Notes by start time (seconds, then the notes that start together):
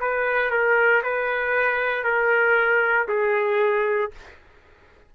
0.00 B4
0.50 A#4
1.03 B4
2.04 A#4
3.08 G#4